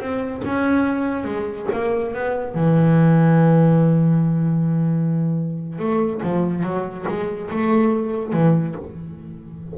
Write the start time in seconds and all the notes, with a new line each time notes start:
0.00 C4
0.45 C#4
1.25 G#3
1.73 A#3
2.15 B3
2.55 E3
5.79 A3
6.23 F3
6.64 F#3
7.08 G#3
7.51 A3
8.33 E3